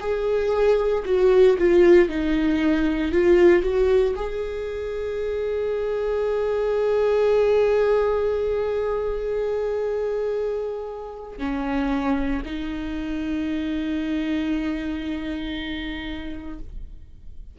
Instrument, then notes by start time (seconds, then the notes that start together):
viola
0.00 G#4
1.05 F#4
1.58 F4
2.09 D#4
3.12 F4
3.63 F#4
4.16 G#4
11.38 C#4
12.45 D#4